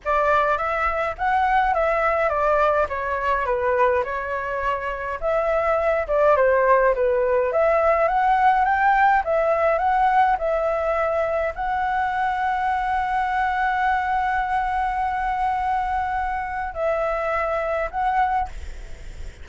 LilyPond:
\new Staff \with { instrumentName = "flute" } { \time 4/4 \tempo 4 = 104 d''4 e''4 fis''4 e''4 | d''4 cis''4 b'4 cis''4~ | cis''4 e''4. d''8 c''4 | b'4 e''4 fis''4 g''4 |
e''4 fis''4 e''2 | fis''1~ | fis''1~ | fis''4 e''2 fis''4 | }